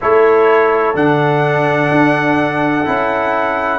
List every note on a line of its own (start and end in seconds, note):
0.01 0.94 A3
0.01 0.94 E4
0.01 3.79 A4
0.01 0.96 C#5
0.94 1.90 D3
0.94 2.85 D4
0.94 3.79 F#5
1.91 2.86 D4
2.85 3.79 C#4
2.85 3.79 E4